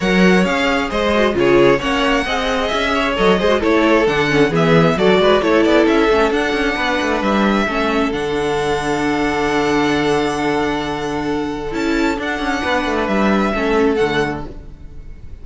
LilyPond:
<<
  \new Staff \with { instrumentName = "violin" } { \time 4/4 \tempo 4 = 133 fis''4 f''4 dis''4 cis''4 | fis''2 e''4 dis''4 | cis''4 fis''4 e''4 d''4 | cis''8 d''8 e''4 fis''2 |
e''2 fis''2~ | fis''1~ | fis''2 a''4 fis''4~ | fis''4 e''2 fis''4 | }
  \new Staff \with { instrumentName = "violin" } { \time 4/4 cis''2 c''4 gis'4 | cis''4 dis''4. cis''4 c''8 | a'2 gis'4 a'8 b'8 | a'2. b'4~ |
b'4 a'2.~ | a'1~ | a'1 | b'2 a'2 | }
  \new Staff \with { instrumentName = "viola" } { \time 4/4 ais'4 gis'4. fis'8 f'4 | cis'4 gis'2 a'8 gis'16 fis'16 | e'4 d'8 cis'8 b4 fis'4 | e'4. cis'8 d'2~ |
d'4 cis'4 d'2~ | d'1~ | d'2 e'4 d'4~ | d'2 cis'4 a4 | }
  \new Staff \with { instrumentName = "cello" } { \time 4/4 fis4 cis'4 gis4 cis4 | ais4 c'4 cis'4 fis8 gis8 | a4 d4 e4 fis8 gis8 | a8 b8 cis'8 a8 d'8 cis'8 b8 a8 |
g4 a4 d2~ | d1~ | d2 cis'4 d'8 cis'8 | b8 a8 g4 a4 d4 | }
>>